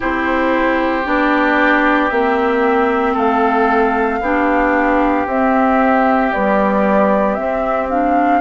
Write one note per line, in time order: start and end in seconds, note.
0.00 1.06 C4
0.00 1.04 E4
0.00 3.12 G4
0.00 1.06 C5
1.04 2.11 B3
1.04 2.09 D4
1.04 2.09 D5
2.09 3.16 A#3
2.09 4.21 C4
2.09 3.14 E5
3.13 4.20 A3
3.13 4.18 A4
3.13 5.27 F5
4.20 5.26 B3
4.20 5.27 D4
4.20 8.41 G4
5.26 6.31 C4
5.26 6.33 C4
5.26 6.32 E5
6.32 7.37 G3
6.32 7.38 B3
6.32 7.34 D5
7.34 7.89 C4
7.34 8.41 C4
7.34 7.86 E5
7.89 8.41 D4
7.89 8.41 F5